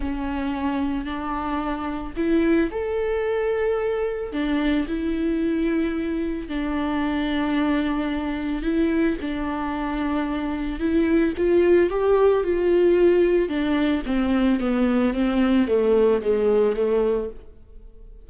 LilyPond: \new Staff \with { instrumentName = "viola" } { \time 4/4 \tempo 4 = 111 cis'2 d'2 | e'4 a'2. | d'4 e'2. | d'1 |
e'4 d'2. | e'4 f'4 g'4 f'4~ | f'4 d'4 c'4 b4 | c'4 a4 gis4 a4 | }